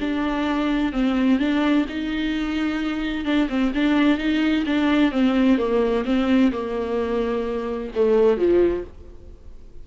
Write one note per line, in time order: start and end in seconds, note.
0.00 0.92 D4
0.92 1.39 C4
1.39 1.85 D4
1.88 3.24 D#4
3.24 3.48 D4
3.49 3.72 C4
3.74 4.17 D4
4.17 4.64 D#4
4.66 5.11 D4
5.11 5.58 C4
5.58 6.04 A#3
6.05 6.51 C4
6.52 7.91 A#3
7.95 8.37 A3
8.37 8.83 F3